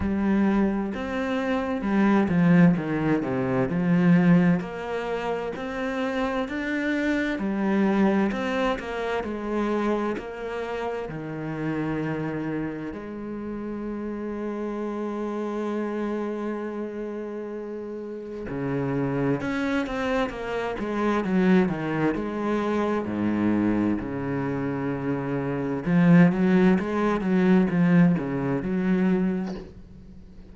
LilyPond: \new Staff \with { instrumentName = "cello" } { \time 4/4 \tempo 4 = 65 g4 c'4 g8 f8 dis8 c8 | f4 ais4 c'4 d'4 | g4 c'8 ais8 gis4 ais4 | dis2 gis2~ |
gis1 | cis4 cis'8 c'8 ais8 gis8 fis8 dis8 | gis4 gis,4 cis2 | f8 fis8 gis8 fis8 f8 cis8 fis4 | }